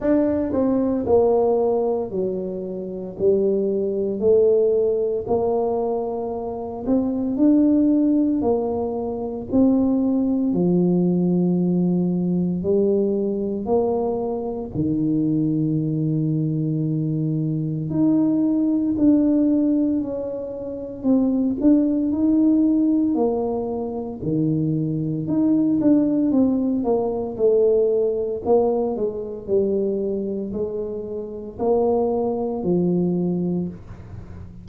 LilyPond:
\new Staff \with { instrumentName = "tuba" } { \time 4/4 \tempo 4 = 57 d'8 c'8 ais4 fis4 g4 | a4 ais4. c'8 d'4 | ais4 c'4 f2 | g4 ais4 dis2~ |
dis4 dis'4 d'4 cis'4 | c'8 d'8 dis'4 ais4 dis4 | dis'8 d'8 c'8 ais8 a4 ais8 gis8 | g4 gis4 ais4 f4 | }